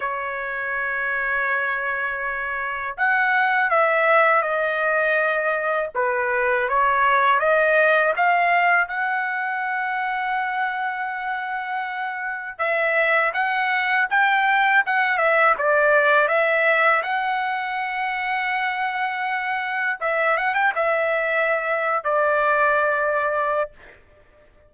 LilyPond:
\new Staff \with { instrumentName = "trumpet" } { \time 4/4 \tempo 4 = 81 cis''1 | fis''4 e''4 dis''2 | b'4 cis''4 dis''4 f''4 | fis''1~ |
fis''4 e''4 fis''4 g''4 | fis''8 e''8 d''4 e''4 fis''4~ | fis''2. e''8 fis''16 g''16 | e''4.~ e''16 d''2~ d''16 | }